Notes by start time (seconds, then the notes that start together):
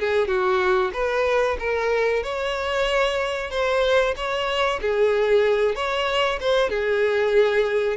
0.00 G#4
0.28 F#4
0.94 B4
1.60 A#4
2.23 C#5
3.51 C5
4.17 C#5
4.81 G#4
5.76 C#5
6.40 C5
6.70 G#4